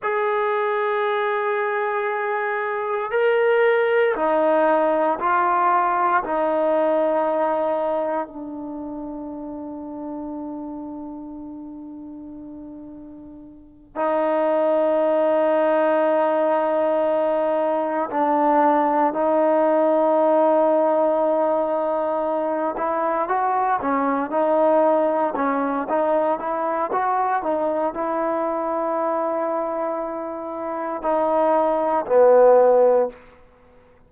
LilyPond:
\new Staff \with { instrumentName = "trombone" } { \time 4/4 \tempo 4 = 58 gis'2. ais'4 | dis'4 f'4 dis'2 | d'1~ | d'4. dis'2~ dis'8~ |
dis'4. d'4 dis'4.~ | dis'2 e'8 fis'8 cis'8 dis'8~ | dis'8 cis'8 dis'8 e'8 fis'8 dis'8 e'4~ | e'2 dis'4 b4 | }